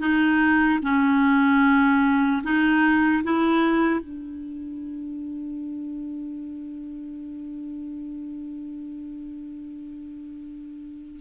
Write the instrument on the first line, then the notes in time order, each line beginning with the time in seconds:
clarinet
0.00 D#4
0.83 C#4
2.44 D#4
3.24 E4
4.01 D4